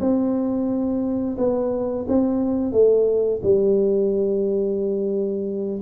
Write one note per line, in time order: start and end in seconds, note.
0.00 1.36 C4
1.38 2.06 B3
2.08 2.72 C4
2.72 3.40 A3
3.42 5.81 G3